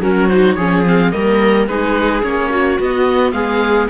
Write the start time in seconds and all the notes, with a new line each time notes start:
0.00 F#3 C#4 F#4 A#4
0.28 D#4 C5
0.54 F3 C#4 G#4 C#5
0.85 C4 F5
1.11 G3 A#3 A#4 D#5
1.67 G#3 D#4 G#4 B4
2.22 A#3 C#4 C#5
2.49 F#4
2.79 B3 D#5
3.31 G#3 G#4 F5